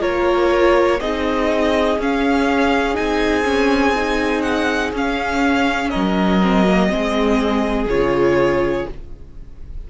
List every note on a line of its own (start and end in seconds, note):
0.00 1.01 A#3
0.00 0.98 F4
0.00 0.99 A#4
0.00 1.01 C#5
1.01 1.98 C4
1.01 2.00 D#4
1.01 5.90 G#4
1.01 1.99 D#5
1.98 2.97 C#4
1.98 2.94 C#4
1.98 2.97 F5
2.94 4.93 C4
2.94 3.44 D#4
2.94 4.42 G#5
3.45 3.94 C#4
3.96 4.94 D#4
4.42 4.91 F#5
4.93 5.91 C#4
4.93 6.42 C#4
4.93 5.90 F5
5.90 6.94 F#3
5.90 6.89 A#4
5.90 7.87 D#5
6.42 6.66 C4
6.67 6.90 A#3
6.90 7.86 G#3
6.90 7.88 C4
6.90 8.91 G#4
7.86 8.85 C#3
7.86 8.88 F4
7.86 8.88 C#5